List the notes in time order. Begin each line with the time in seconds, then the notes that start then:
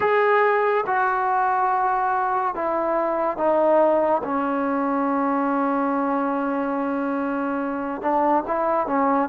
0.00 G#4
0.86 F#4
2.54 E4
3.37 D#4
4.23 C#4
8.01 D4
8.47 E4
8.87 C#4